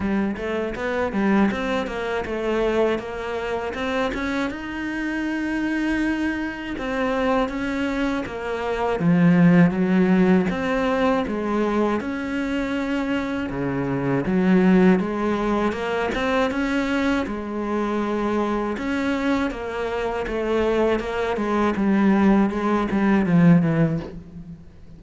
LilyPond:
\new Staff \with { instrumentName = "cello" } { \time 4/4 \tempo 4 = 80 g8 a8 b8 g8 c'8 ais8 a4 | ais4 c'8 cis'8 dis'2~ | dis'4 c'4 cis'4 ais4 | f4 fis4 c'4 gis4 |
cis'2 cis4 fis4 | gis4 ais8 c'8 cis'4 gis4~ | gis4 cis'4 ais4 a4 | ais8 gis8 g4 gis8 g8 f8 e8 | }